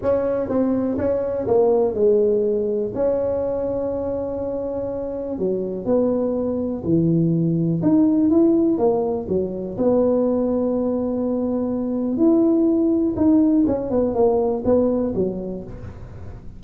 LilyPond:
\new Staff \with { instrumentName = "tuba" } { \time 4/4 \tempo 4 = 123 cis'4 c'4 cis'4 ais4 | gis2 cis'2~ | cis'2. fis4 | b2 e2 |
dis'4 e'4 ais4 fis4 | b1~ | b4 e'2 dis'4 | cis'8 b8 ais4 b4 fis4 | }